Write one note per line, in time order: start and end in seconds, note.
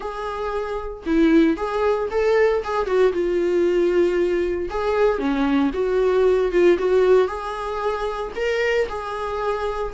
0.00 1.03 G#4
1.06 1.56 E4
1.56 2.08 G#4
2.10 2.63 A4
2.63 2.86 G#4
2.86 3.12 F#4
3.12 4.69 F4
4.70 5.18 G#4
5.18 5.70 C#4
5.73 6.51 F#4
6.51 6.77 F4
6.78 7.27 F#4
7.27 8.31 G#4
8.35 8.87 A#4
8.88 9.93 G#4